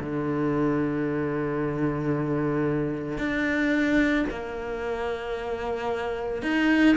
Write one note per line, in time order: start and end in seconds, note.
0.00 3.18 D3
3.18 4.25 D4
4.30 6.42 A#3
6.42 6.96 D#4